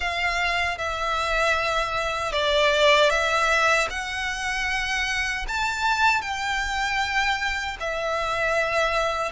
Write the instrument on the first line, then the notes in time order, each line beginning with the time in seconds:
violin
0.00 F5
0.78 E5
2.32 D5
3.10 E5
3.90 F#5
5.48 A5
6.21 G5
7.80 E5